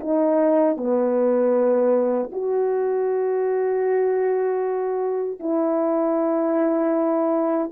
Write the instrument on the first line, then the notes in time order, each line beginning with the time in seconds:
horn
0.00 D#4
0.77 B3
2.32 F#4
5.40 E4